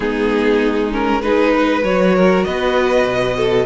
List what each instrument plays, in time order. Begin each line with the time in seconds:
0.00 cello G#3, viola B3, violin D#4 G#4
0.91 viola C#4, violin A#4
1.22 viola D#4, violin G#4 B4
1.54 violin B4
1.82 cello F#3, viola F#4, violin C#5
2.15 violin A#4
2.44 cello B3, violin B4 D#5
3.05 cello B2
3.36 violin A4